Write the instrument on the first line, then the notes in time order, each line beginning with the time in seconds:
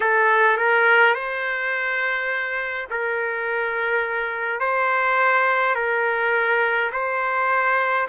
trumpet
0.00 A4
0.57 A#4
1.14 C5
2.90 A#4
4.59 C5
5.75 A#4
6.92 C5